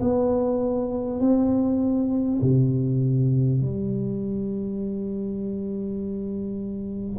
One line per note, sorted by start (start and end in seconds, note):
0.00 1.19 B3
1.19 2.39 C4
2.41 3.61 C3
3.61 7.19 G3